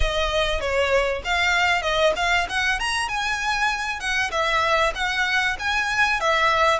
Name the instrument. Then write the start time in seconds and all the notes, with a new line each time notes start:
violin
0.00 D#5
0.60 C#5
1.24 F5
1.82 D#5
2.16 F5
2.49 F#5
2.79 A#5
3.08 G#5
4.00 F#5
4.31 E5
4.95 F#5
5.59 G#5
6.20 E5